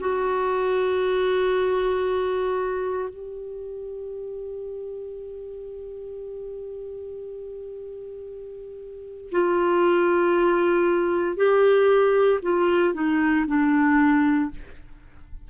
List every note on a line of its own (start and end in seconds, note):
0.00 3.10 F#4
3.10 9.31 G4
9.32 11.37 F4
11.37 12.40 G4
12.43 12.94 F4
12.94 13.46 D#4
13.47 14.51 D4